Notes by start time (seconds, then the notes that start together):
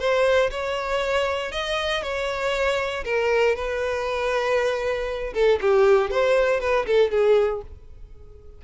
0.00 C5
0.51 C#5
1.52 D#5
2.03 C#5
3.05 A#4
3.56 B4
5.34 A4
5.61 G4
6.11 C5
6.61 B4
6.87 A4
7.12 G#4